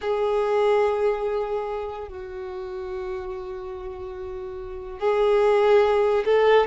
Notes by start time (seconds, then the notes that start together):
0.01 G#4
2.08 F#4
4.99 G#4
6.25 A4